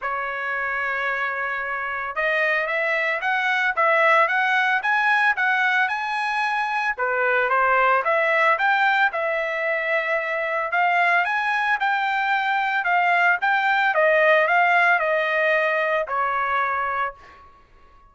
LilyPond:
\new Staff \with { instrumentName = "trumpet" } { \time 4/4 \tempo 4 = 112 cis''1 | dis''4 e''4 fis''4 e''4 | fis''4 gis''4 fis''4 gis''4~ | gis''4 b'4 c''4 e''4 |
g''4 e''2. | f''4 gis''4 g''2 | f''4 g''4 dis''4 f''4 | dis''2 cis''2 | }